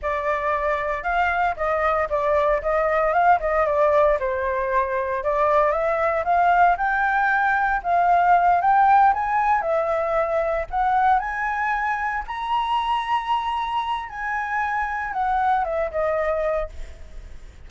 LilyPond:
\new Staff \with { instrumentName = "flute" } { \time 4/4 \tempo 4 = 115 d''2 f''4 dis''4 | d''4 dis''4 f''8 dis''8 d''4 | c''2 d''4 e''4 | f''4 g''2 f''4~ |
f''8 g''4 gis''4 e''4.~ | e''8 fis''4 gis''2 ais''8~ | ais''2. gis''4~ | gis''4 fis''4 e''8 dis''4. | }